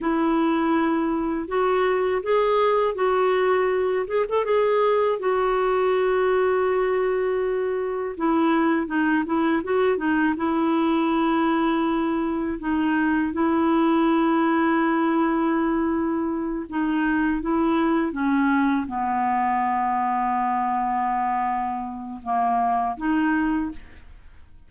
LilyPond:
\new Staff \with { instrumentName = "clarinet" } { \time 4/4 \tempo 4 = 81 e'2 fis'4 gis'4 | fis'4. gis'16 a'16 gis'4 fis'4~ | fis'2. e'4 | dis'8 e'8 fis'8 dis'8 e'2~ |
e'4 dis'4 e'2~ | e'2~ e'8 dis'4 e'8~ | e'8 cis'4 b2~ b8~ | b2 ais4 dis'4 | }